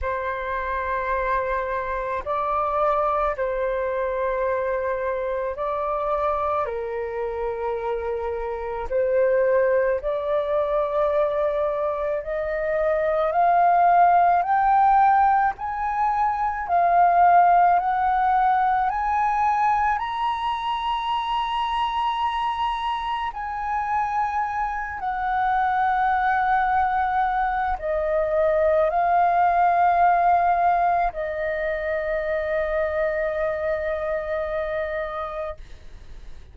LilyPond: \new Staff \with { instrumentName = "flute" } { \time 4/4 \tempo 4 = 54 c''2 d''4 c''4~ | c''4 d''4 ais'2 | c''4 d''2 dis''4 | f''4 g''4 gis''4 f''4 |
fis''4 gis''4 ais''2~ | ais''4 gis''4. fis''4.~ | fis''4 dis''4 f''2 | dis''1 | }